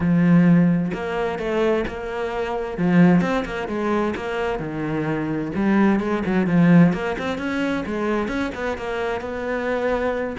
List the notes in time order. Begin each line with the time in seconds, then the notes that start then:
0.00 F3
0.93 A#3
1.38 A3
1.87 A#3
2.77 F3
3.21 C4
3.45 A#3
3.68 G#3
4.16 A#3
4.59 D#3
5.55 G3
5.99 G#3
6.25 F#3
6.47 F3
6.93 A#3
7.18 C4
7.38 C#4
7.86 G#3
8.28 C#4
8.54 B3
8.77 A#3
9.21 B3